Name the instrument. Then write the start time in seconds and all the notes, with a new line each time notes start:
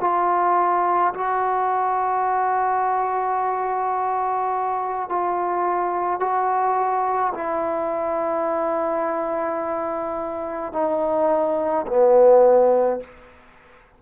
trombone
0.00 F4
1.14 F#4
5.09 F4
6.20 F#4
7.34 E4
10.72 D#4
11.87 B3